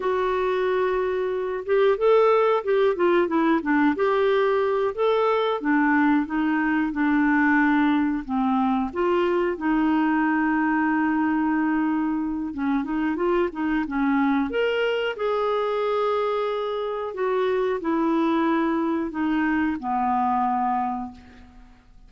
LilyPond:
\new Staff \with { instrumentName = "clarinet" } { \time 4/4 \tempo 4 = 91 fis'2~ fis'8 g'8 a'4 | g'8 f'8 e'8 d'8 g'4. a'8~ | a'8 d'4 dis'4 d'4.~ | d'8 c'4 f'4 dis'4.~ |
dis'2. cis'8 dis'8 | f'8 dis'8 cis'4 ais'4 gis'4~ | gis'2 fis'4 e'4~ | e'4 dis'4 b2 | }